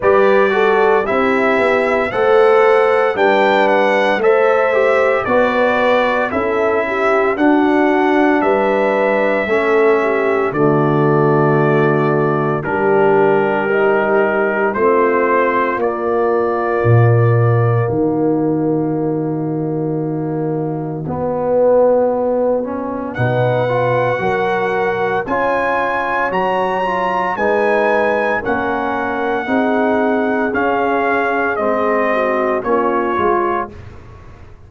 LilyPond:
<<
  \new Staff \with { instrumentName = "trumpet" } { \time 4/4 \tempo 4 = 57 d''4 e''4 fis''4 g''8 fis''8 | e''4 d''4 e''4 fis''4 | e''2 d''2 | ais'2 c''4 d''4~ |
d''4 dis''2.~ | dis''2 fis''2 | gis''4 ais''4 gis''4 fis''4~ | fis''4 f''4 dis''4 cis''4 | }
  \new Staff \with { instrumentName = "horn" } { \time 4/4 b'8 a'8 g'4 c''4 b'4 | c''4 b'4 a'8 g'8 fis'4 | b'4 a'8 g'8 fis'2 | g'2 f'2~ |
f'4 fis'2.~ | fis'2 b'4 ais'4 | cis''2 b'4 ais'4 | gis'2~ gis'8 fis'8 f'4 | }
  \new Staff \with { instrumentName = "trombone" } { \time 4/4 g'8 fis'8 e'4 a'4 d'4 | a'8 g'8 fis'4 e'4 d'4~ | d'4 cis'4 a2 | d'4 dis'4 c'4 ais4~ |
ais1 | b4. cis'8 dis'8 f'8 fis'4 | f'4 fis'8 f'8 dis'4 cis'4 | dis'4 cis'4 c'4 cis'8 f'8 | }
  \new Staff \with { instrumentName = "tuba" } { \time 4/4 g4 c'8 b8 a4 g4 | a4 b4 cis'4 d'4 | g4 a4 d2 | g2 a4 ais4 |
ais,4 dis2. | b2 b,4 fis4 | cis'4 fis4 gis4 ais4 | c'4 cis'4 gis4 ais8 gis8 | }
>>